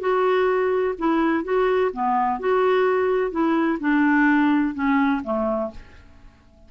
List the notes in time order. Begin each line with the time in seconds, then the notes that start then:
0.00 F#4
0.98 E4
1.44 F#4
1.93 B3
2.40 F#4
3.31 E4
3.80 D4
4.75 C#4
5.24 A3